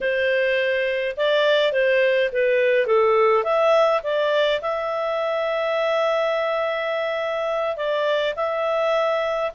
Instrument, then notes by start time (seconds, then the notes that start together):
clarinet
0.00 C5
1.17 D5
1.72 C5
2.32 B4
2.86 A4
3.43 E5
4.03 D5
4.61 E5
7.76 D5
8.35 E5